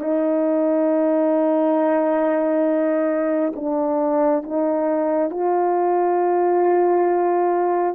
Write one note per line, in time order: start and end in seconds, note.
0.00 3.53 D#4
3.56 4.43 D4
4.43 5.31 D#4
5.31 7.95 F4